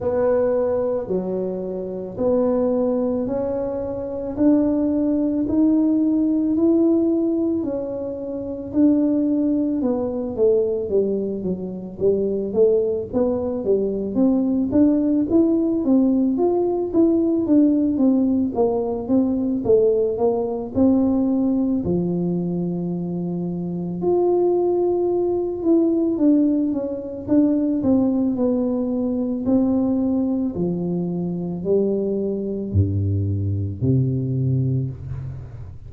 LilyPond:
\new Staff \with { instrumentName = "tuba" } { \time 4/4 \tempo 4 = 55 b4 fis4 b4 cis'4 | d'4 dis'4 e'4 cis'4 | d'4 b8 a8 g8 fis8 g8 a8 | b8 g8 c'8 d'8 e'8 c'8 f'8 e'8 |
d'8 c'8 ais8 c'8 a8 ais8 c'4 | f2 f'4. e'8 | d'8 cis'8 d'8 c'8 b4 c'4 | f4 g4 g,4 c4 | }